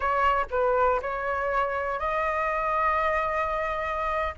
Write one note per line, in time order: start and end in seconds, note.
0.00 0.45 C#5
0.50 1.00 B4
1.02 1.99 C#5
1.99 4.34 D#5